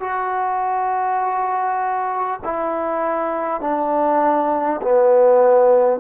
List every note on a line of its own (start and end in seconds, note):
0.00 2.40 F#4
2.44 3.61 E4
3.61 4.81 D4
4.83 6.01 B3